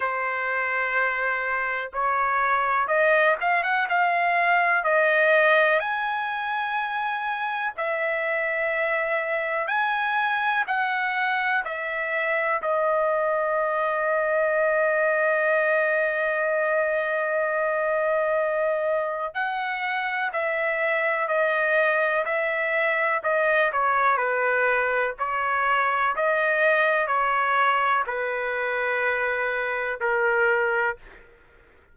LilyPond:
\new Staff \with { instrumentName = "trumpet" } { \time 4/4 \tempo 4 = 62 c''2 cis''4 dis''8 f''16 fis''16 | f''4 dis''4 gis''2 | e''2 gis''4 fis''4 | e''4 dis''2.~ |
dis''1 | fis''4 e''4 dis''4 e''4 | dis''8 cis''8 b'4 cis''4 dis''4 | cis''4 b'2 ais'4 | }